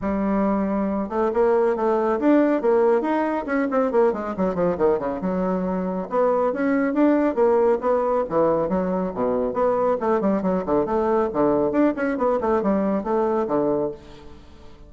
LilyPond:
\new Staff \with { instrumentName = "bassoon" } { \time 4/4 \tempo 4 = 138 g2~ g8 a8 ais4 | a4 d'4 ais4 dis'4 | cis'8 c'8 ais8 gis8 fis8 f8 dis8 cis8 | fis2 b4 cis'4 |
d'4 ais4 b4 e4 | fis4 b,4 b4 a8 g8 | fis8 d8 a4 d4 d'8 cis'8 | b8 a8 g4 a4 d4 | }